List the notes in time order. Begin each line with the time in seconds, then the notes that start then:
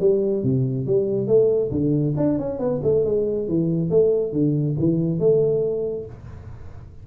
0.00 G3
0.43 C3
0.87 G3
1.27 A3
1.71 D3
2.17 D4
2.39 C#4
2.59 B3
2.83 A3
3.05 G#3
3.48 E3
3.90 A3
4.32 D3
4.79 E3
5.19 A3